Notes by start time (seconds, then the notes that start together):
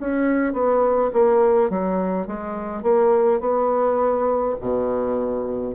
0.00 C#4
0.53 B3
1.13 A#3
1.70 F#3
2.27 G#3
2.82 A#3
3.40 B3
4.60 B2